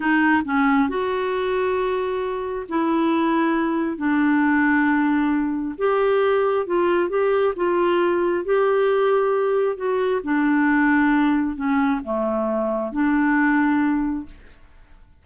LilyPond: \new Staff \with { instrumentName = "clarinet" } { \time 4/4 \tempo 4 = 135 dis'4 cis'4 fis'2~ | fis'2 e'2~ | e'4 d'2.~ | d'4 g'2 f'4 |
g'4 f'2 g'4~ | g'2 fis'4 d'4~ | d'2 cis'4 a4~ | a4 d'2. | }